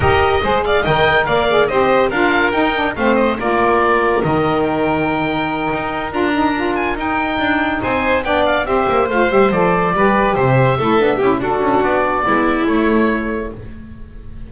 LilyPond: <<
  \new Staff \with { instrumentName = "oboe" } { \time 4/4 \tempo 4 = 142 dis''4. f''8 g''4 f''4 | dis''4 f''4 g''4 f''8 dis''8 | d''2 dis''4 g''4~ | g''2~ g''8 ais''4. |
gis''8 g''2 gis''4 g''8 | f''8 e''4 f''8 e''8 d''4.~ | d''8 e''2~ e''8 a'4 | d''2 cis''2 | }
  \new Staff \with { instrumentName = "violin" } { \time 4/4 ais'4 c''8 d''8 dis''4 d''4 | c''4 ais'2 c''4 | ais'1~ | ais'1~ |
ais'2~ ais'8 c''4 d''8~ | d''8 c''2. b'8~ | b'8 c''4 a'4 g'8 fis'4~ | fis'4 e'2. | }
  \new Staff \with { instrumentName = "saxophone" } { \time 4/4 g'4 gis'4 ais'4. gis'8 | g'4 f'4 dis'8 d'8 c'4 | f'2 dis'2~ | dis'2~ dis'8 f'8 dis'8 f'8~ |
f'8 dis'2. d'8~ | d'8 g'4 f'8 g'8 a'4 g'8~ | g'4. e'8 d'8 e'8 d'4~ | d'4 b4 a2 | }
  \new Staff \with { instrumentName = "double bass" } { \time 4/4 dis'4 gis4 dis4 ais4 | c'4 d'4 dis'4 a4 | ais2 dis2~ | dis4. dis'4 d'4.~ |
d'8 dis'4 d'4 c'4 b8~ | b8 c'8 ais8 a8 g8 f4 g8~ | g8 c4 a8 b8 cis'8 d'8 cis'8 | b4 gis4 a2 | }
>>